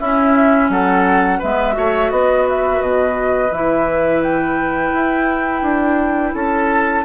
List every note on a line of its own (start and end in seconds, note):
0.00 0.70 C#4
0.00 1.43 C#4
0.00 0.71 E4
0.00 0.71 E5
0.70 1.40 F#3
0.70 1.39 A4
0.70 1.42 F#5
1.39 1.78 G#3
1.39 1.73 B3
1.39 1.75 B4
1.39 2.12 E5
1.73 2.11 A3
1.73 3.50 F#4
1.73 2.12 C#5
2.11 2.82 B3
2.11 6.35 B4
2.11 2.47 D#5
2.50 2.82 E5
2.82 3.51 B2
2.82 3.52 D#5
3.51 4.92 E3
3.51 7.05 E4
3.51 4.23 E5
4.23 6.35 G5
4.94 5.63 E4
5.63 6.33 D4
6.35 7.05 C#4
6.35 7.05 A4
6.35 7.05 A5